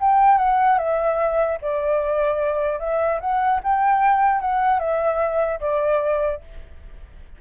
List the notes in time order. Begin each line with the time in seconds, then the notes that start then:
0.00 G5
0.38 F#5
0.78 E5
1.61 D5
2.79 E5
3.20 F#5
3.63 G5
4.40 F#5
4.79 E5
5.60 D5